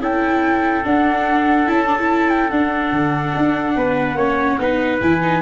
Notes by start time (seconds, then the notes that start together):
0.00 C#4 E4 A4 G5
0.84 D4 F#5
1.67 C#4 E4 A5
1.86 D4
1.99 E4
2.30 G5
2.50 D4 F#5
2.92 D3
3.37 D4
3.76 B3 B4
4.15 A#3 C#4 C#5
4.59 B3 D#4 B4
5.01 E3 E4 G#5
5.22 D#4